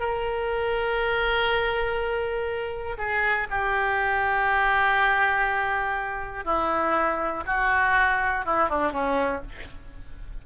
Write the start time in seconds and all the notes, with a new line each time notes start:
0.00 A#4
2.98 G#4
3.50 G4
6.45 E4
7.47 F#4
8.46 E4
8.70 D4
8.93 C#4